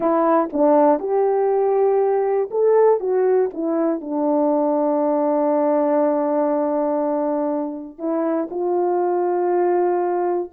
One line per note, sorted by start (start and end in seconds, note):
0.00 0.49 E4
0.52 0.99 D4
0.99 2.49 G4
2.50 3.00 A4
3.00 3.50 F#4
3.53 4.00 E4
4.00 7.98 D4
7.98 8.48 E4
8.50 10.50 F4